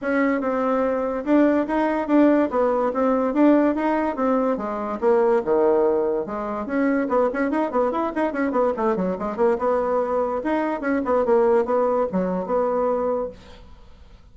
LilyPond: \new Staff \with { instrumentName = "bassoon" } { \time 4/4 \tempo 4 = 144 cis'4 c'2 d'4 | dis'4 d'4 b4 c'4 | d'4 dis'4 c'4 gis4 | ais4 dis2 gis4 |
cis'4 b8 cis'8 dis'8 b8 e'8 dis'8 | cis'8 b8 a8 fis8 gis8 ais8 b4~ | b4 dis'4 cis'8 b8 ais4 | b4 fis4 b2 | }